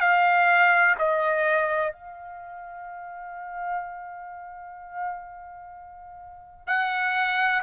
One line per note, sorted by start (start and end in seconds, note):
0.00 0.95 F5
0.99 1.93 D#5
1.93 6.67 F5
6.67 7.62 F#5